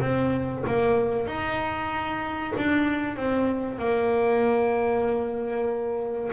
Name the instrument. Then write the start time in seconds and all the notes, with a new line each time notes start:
double bass
0.00 C4
0.66 A#3
1.26 D#4
2.56 D4
3.16 C4
3.78 A#3